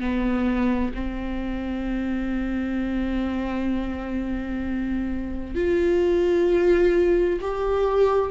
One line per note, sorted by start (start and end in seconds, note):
0.00 0.92 B3
0.94 5.55 C4
5.55 7.39 F4
7.41 8.30 G4